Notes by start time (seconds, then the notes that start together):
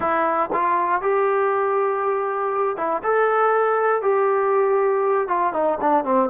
0.00 E4
0.52 F4
1.01 G4
2.76 E4
3.03 A4
4.02 G4
5.28 F4
5.53 D#4
5.80 D4
6.04 C4